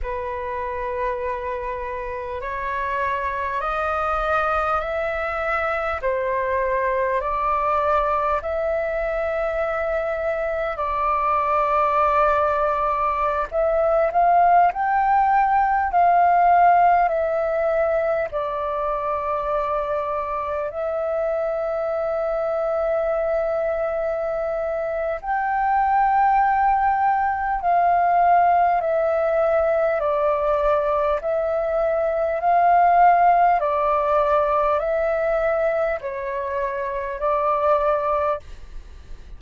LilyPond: \new Staff \with { instrumentName = "flute" } { \time 4/4 \tempo 4 = 50 b'2 cis''4 dis''4 | e''4 c''4 d''4 e''4~ | e''4 d''2~ d''16 e''8 f''16~ | f''16 g''4 f''4 e''4 d''8.~ |
d''4~ d''16 e''2~ e''8.~ | e''4 g''2 f''4 | e''4 d''4 e''4 f''4 | d''4 e''4 cis''4 d''4 | }